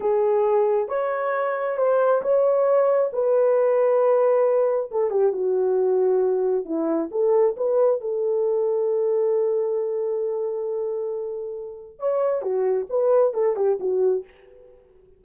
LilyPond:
\new Staff \with { instrumentName = "horn" } { \time 4/4 \tempo 4 = 135 gis'2 cis''2 | c''4 cis''2 b'4~ | b'2. a'8 g'8 | fis'2. e'4 |
a'4 b'4 a'2~ | a'1~ | a'2. cis''4 | fis'4 b'4 a'8 g'8 fis'4 | }